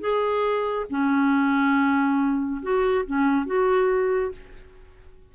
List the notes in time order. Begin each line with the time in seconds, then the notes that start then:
0.00 G#4
0.90 C#4
2.62 F#4
3.06 C#4
3.46 F#4